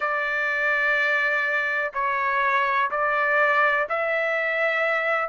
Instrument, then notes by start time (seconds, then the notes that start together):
trumpet
0.00 D5
1.94 C#5
2.90 D5
3.89 E5